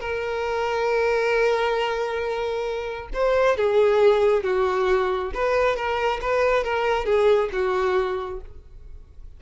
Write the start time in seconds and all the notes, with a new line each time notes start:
0.00 A#4
3.13 C5
3.57 G#4
4.43 F#4
5.34 B4
5.76 A#4
6.21 B4
6.63 A#4
7.05 G#4
7.52 F#4